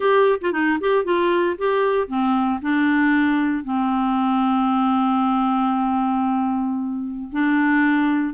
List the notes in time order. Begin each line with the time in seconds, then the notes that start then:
0.00 G4
0.41 F4
0.52 D#4
0.80 G4
1.04 F4
1.58 G4
2.07 C4
2.61 D4
3.64 C4
7.32 D4